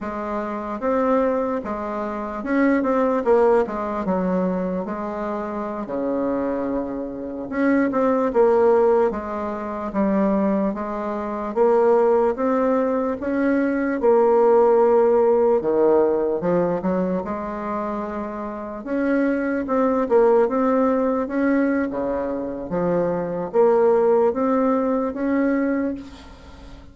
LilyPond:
\new Staff \with { instrumentName = "bassoon" } { \time 4/4 \tempo 4 = 74 gis4 c'4 gis4 cis'8 c'8 | ais8 gis8 fis4 gis4~ gis16 cis8.~ | cis4~ cis16 cis'8 c'8 ais4 gis8.~ | gis16 g4 gis4 ais4 c'8.~ |
c'16 cis'4 ais2 dis8.~ | dis16 f8 fis8 gis2 cis'8.~ | cis'16 c'8 ais8 c'4 cis'8. cis4 | f4 ais4 c'4 cis'4 | }